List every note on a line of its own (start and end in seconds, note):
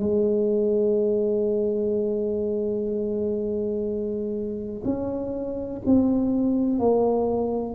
0.00 4.84 G#3
4.85 5.82 C#4
5.86 6.80 C4
6.80 7.75 A#3